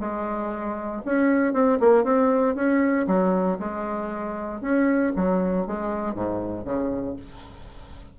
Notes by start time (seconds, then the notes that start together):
0.00 G#3
1.05 C#4
1.53 C4
1.80 A#3
2.04 C4
2.55 C#4
3.07 F#3
3.59 G#3
4.61 C#4
5.16 F#3
5.67 G#3
6.14 G#2
6.65 C#3